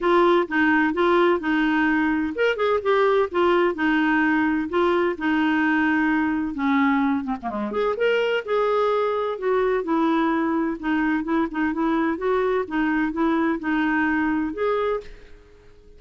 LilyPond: \new Staff \with { instrumentName = "clarinet" } { \time 4/4 \tempo 4 = 128 f'4 dis'4 f'4 dis'4~ | dis'4 ais'8 gis'8 g'4 f'4 | dis'2 f'4 dis'4~ | dis'2 cis'4. c'16 ais16 |
gis8 gis'8 ais'4 gis'2 | fis'4 e'2 dis'4 | e'8 dis'8 e'4 fis'4 dis'4 | e'4 dis'2 gis'4 | }